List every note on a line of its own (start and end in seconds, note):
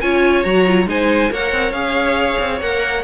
0.00 0.45 C#4
0.00 0.44 F4
0.00 0.88 C#5
0.00 0.43 G#5
0.43 0.86 F#3
0.43 0.65 F#4
0.43 0.87 A#5
0.67 0.86 F4
0.86 1.30 G#3
0.86 1.30 D#4
0.86 1.31 C5
0.86 1.33 G#5
1.31 1.52 A#3
1.31 1.73 A#4
1.31 3.03 C#5
1.31 1.72 F#5
1.52 1.71 C4
1.71 2.36 C#4
1.71 2.60 G#4
1.71 2.59 F5
2.39 2.61 C4
2.61 3.03 A#3
2.61 3.03 A#4
2.61 3.03 F#5